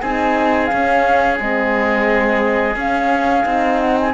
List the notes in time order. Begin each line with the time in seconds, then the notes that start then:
0.00 C4 D#4 G#4 G#5
0.67 C#4 F5
1.39 G#3 C4 D#5
2.76 C#4 F5
3.44 C4 D#4
3.80 F#5
4.00 G#5